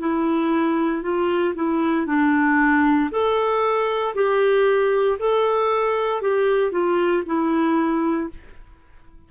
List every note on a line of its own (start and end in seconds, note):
0.00 1.03 E4
1.03 1.54 F4
1.56 2.07 E4
2.07 3.10 D4
3.11 4.15 A4
4.15 5.19 G4
5.19 6.22 A4
6.22 6.71 G4
6.71 7.23 F4
7.26 8.29 E4